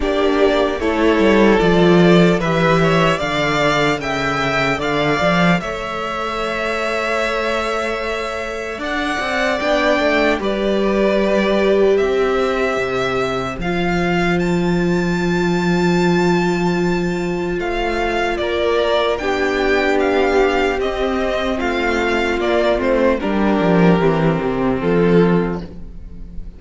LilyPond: <<
  \new Staff \with { instrumentName = "violin" } { \time 4/4 \tempo 4 = 75 d''4 cis''4 d''4 e''4 | f''4 g''4 f''4 e''4~ | e''2. fis''4 | g''4 d''2 e''4~ |
e''4 f''4 a''2~ | a''2 f''4 d''4 | g''4 f''4 dis''4 f''4 | d''8 c''8 ais'2 a'4 | }
  \new Staff \with { instrumentName = "violin" } { \time 4/4 g'4 a'2 b'8 cis''8 | d''4 e''4 d''4 cis''4~ | cis''2. d''4~ | d''4 b'2 c''4~ |
c''1~ | c''2. ais'4 | g'2. f'4~ | f'4 g'2 f'4 | }
  \new Staff \with { instrumentName = "viola" } { \time 4/4 d'4 e'4 f'4 g'4 | a'1~ | a'1 | d'4 g'2.~ |
g'4 f'2.~ | f'1 | d'2 c'2 | ais8 c'8 d'4 c'2 | }
  \new Staff \with { instrumentName = "cello" } { \time 4/4 ais4 a8 g8 f4 e4 | d4 cis4 d8 f8 a4~ | a2. d'8 c'8 | b8 a8 g2 c'4 |
c4 f2.~ | f2 a4 ais4 | b2 c'4 a4 | ais8 a8 g8 f8 e8 c8 f4 | }
>>